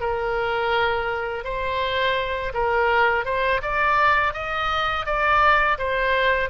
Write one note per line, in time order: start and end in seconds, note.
0.00 1.44 A#4
1.44 2.52 C5
2.53 3.25 A#4
3.25 3.61 C5
3.62 4.33 D5
4.33 5.05 D#5
5.05 5.78 D5
5.78 6.49 C5